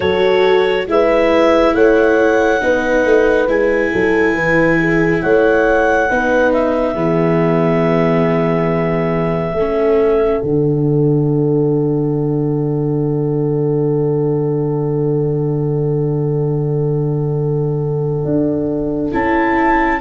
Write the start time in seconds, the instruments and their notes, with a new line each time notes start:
0.00 tuba F#3, viola F#4, horn A4, clarinet C#5
0.87 tuba G#3, viola E4, horn B4, clarinet E5
1.73 tuba A3, horn C#5, clarinet F#5
2.60 tuba B3, viola D#4, horn B4
3.05 tuba A3
3.47 tuba G#3, viola E4, clarinet G#5
3.91 tuba F#3, horn A4
4.34 tuba E3, horn B4
4.79 horn G#4
5.22 tuba A3, horn C#5, clarinet F#5
6.10 tuba B3, viola D#4, horn B4
6.52 clarinet E5
6.94 tuba E3, viola B3, horn G#4
9.53 tuba A3, viola C#4
9.59 horn A4
10.41 tuba D3, viola D4, clarinet F#5
18.24 tuba D4
19.11 tuba C#4, viola E4, clarinet A5